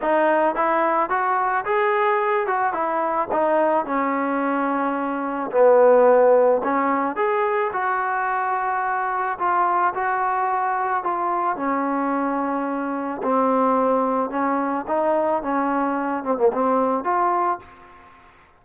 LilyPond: \new Staff \with { instrumentName = "trombone" } { \time 4/4 \tempo 4 = 109 dis'4 e'4 fis'4 gis'4~ | gis'8 fis'8 e'4 dis'4 cis'4~ | cis'2 b2 | cis'4 gis'4 fis'2~ |
fis'4 f'4 fis'2 | f'4 cis'2. | c'2 cis'4 dis'4 | cis'4. c'16 ais16 c'4 f'4 | }